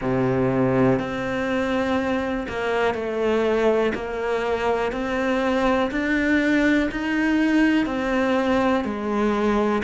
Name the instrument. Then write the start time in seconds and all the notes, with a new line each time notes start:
cello
0.00 C3
0.99 C4
2.48 A#3
2.94 A3
3.94 A#3
4.92 C4
5.91 D4
6.91 D#4
7.86 C4
8.84 G#3